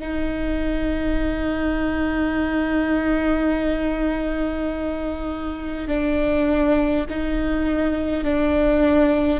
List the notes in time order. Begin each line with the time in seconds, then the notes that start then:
0.00 D#4
5.87 D4
7.09 D#4
8.24 D4